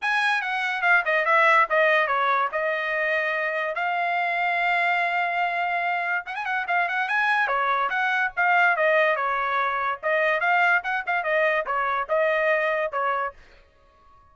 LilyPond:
\new Staff \with { instrumentName = "trumpet" } { \time 4/4 \tempo 4 = 144 gis''4 fis''4 f''8 dis''8 e''4 | dis''4 cis''4 dis''2~ | dis''4 f''2.~ | f''2. fis''16 gis''16 fis''8 |
f''8 fis''8 gis''4 cis''4 fis''4 | f''4 dis''4 cis''2 | dis''4 f''4 fis''8 f''8 dis''4 | cis''4 dis''2 cis''4 | }